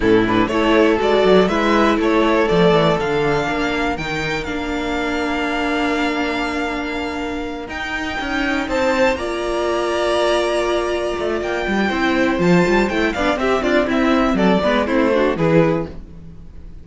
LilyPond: <<
  \new Staff \with { instrumentName = "violin" } { \time 4/4 \tempo 4 = 121 a'8 b'8 cis''4 d''4 e''4 | cis''4 d''4 f''2 | g''4 f''2.~ | f''2.~ f''8 g''8~ |
g''4. a''4 ais''4.~ | ais''2. g''4~ | g''4 a''4 g''8 f''8 e''8 d''8 | e''4 d''4 c''4 b'4 | }
  \new Staff \with { instrumentName = "violin" } { \time 4/4 e'4 a'2 b'4 | a'2. ais'4~ | ais'1~ | ais'1~ |
ais'4. c''4 d''4.~ | d''1 | c''2~ c''8 d''8 g'8 f'8 | e'4 a'8 b'8 e'8 fis'8 gis'4 | }
  \new Staff \with { instrumentName = "viola" } { \time 4/4 cis'8 d'8 e'4 fis'4 e'4~ | e'4 a4 d'2 | dis'4 d'2.~ | d'2.~ d'8 dis'8~ |
dis'2~ dis'8 f'4.~ | f'1 | e'4 f'4 e'8 d'8 c'4~ | c'4. b8 c'8 d'8 e'4 | }
  \new Staff \with { instrumentName = "cello" } { \time 4/4 a,4 a4 gis8 fis8 gis4 | a4 f8 e8 d4 ais4 | dis4 ais2.~ | ais2.~ ais8 dis'8~ |
dis'8 cis'4 c'4 ais4.~ | ais2~ ais8 a8 ais8 g8 | c'4 f8 g8 a8 b8 c'8 d'8 | c'4 fis8 gis8 a4 e4 | }
>>